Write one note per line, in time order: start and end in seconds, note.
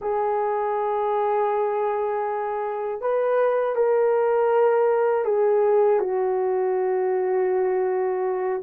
0.01 3.01 G#4
3.01 3.75 B4
3.75 5.24 A#4
5.24 5.99 G#4
5.99 8.61 F#4